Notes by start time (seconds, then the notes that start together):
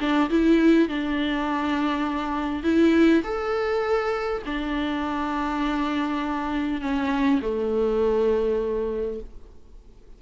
0.00 D4
0.30 E4
0.89 D4
2.63 E4
3.24 A4
4.46 D4
6.81 C#4
7.42 A3